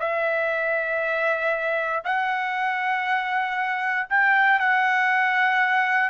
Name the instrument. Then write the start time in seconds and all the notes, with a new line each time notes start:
trumpet
0.00 E5
2.05 F#5
4.10 G5
4.59 F#5